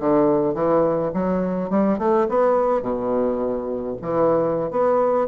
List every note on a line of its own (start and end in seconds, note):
0.00 0.55 D3
0.55 1.12 E3
1.14 1.71 F#3
1.71 1.99 G3
1.99 2.28 A3
2.29 2.83 B3
2.83 3.97 B2
4.02 4.71 E3
4.71 5.29 B3